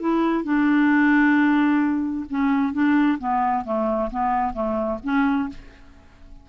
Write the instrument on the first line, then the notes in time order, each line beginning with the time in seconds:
clarinet
0.00 E4
0.44 D4
2.30 C#4
2.73 D4
3.19 B3
3.65 A3
4.11 B3
4.53 A3
5.04 C#4